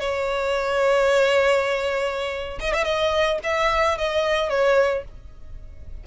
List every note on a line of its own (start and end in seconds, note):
0.00 2.59 C#5
2.60 2.73 D#5
2.73 2.85 E5
2.85 3.39 D#5
3.44 3.98 E5
3.98 4.50 D#5
4.50 5.04 C#5